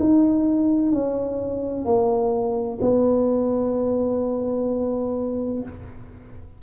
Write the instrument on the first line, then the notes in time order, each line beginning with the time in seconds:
tuba
0.00 D#4
0.92 C#4
1.86 A#3
2.82 B3